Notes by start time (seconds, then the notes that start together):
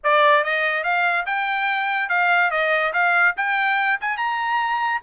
0.03 D5
0.43 D#5
0.83 F5
1.26 G5
2.09 F5
2.51 D#5
2.93 F5
3.37 G5
4.01 G#5
4.17 A#5